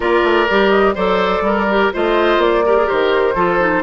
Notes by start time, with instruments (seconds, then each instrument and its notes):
0.00 bassoon A#3, clarinet F4, oboe A#4, flute D5
0.23 bassoon A3
0.49 bassoon G3, clarinet G4
0.69 flute D#5
0.94 bassoon F#3, clarinet A4, oboe C5, flute D5
1.41 bassoon G3, oboe A#4
1.69 clarinet G4
1.93 bassoon A3, clarinet F4, oboe C5, flute D#5
2.37 bassoon A#3, flute D5
2.65 clarinet G4, oboe A#4
2.76 clarinet G#4
2.86 bassoon D#3, clarinet G4, flute C5
3.35 bassoon F3, clarinet F4, oboe A4
3.60 clarinet D#4